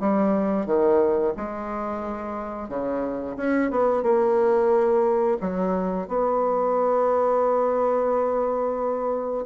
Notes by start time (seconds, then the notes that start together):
0.00 G3
0.66 D#3
1.36 G#3
2.69 C#3
3.37 C#4
3.71 B3
4.03 A#3
5.41 F#3
6.08 B3